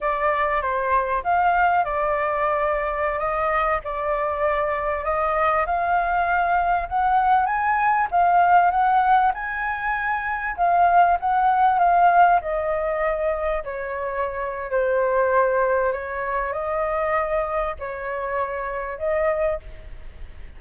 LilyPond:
\new Staff \with { instrumentName = "flute" } { \time 4/4 \tempo 4 = 98 d''4 c''4 f''4 d''4~ | d''4~ d''16 dis''4 d''4.~ d''16~ | d''16 dis''4 f''2 fis''8.~ | fis''16 gis''4 f''4 fis''4 gis''8.~ |
gis''4~ gis''16 f''4 fis''4 f''8.~ | f''16 dis''2 cis''4.~ cis''16 | c''2 cis''4 dis''4~ | dis''4 cis''2 dis''4 | }